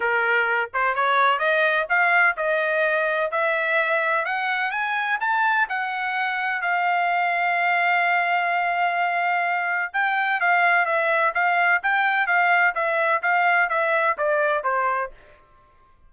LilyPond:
\new Staff \with { instrumentName = "trumpet" } { \time 4/4 \tempo 4 = 127 ais'4. c''8 cis''4 dis''4 | f''4 dis''2 e''4~ | e''4 fis''4 gis''4 a''4 | fis''2 f''2~ |
f''1~ | f''4 g''4 f''4 e''4 | f''4 g''4 f''4 e''4 | f''4 e''4 d''4 c''4 | }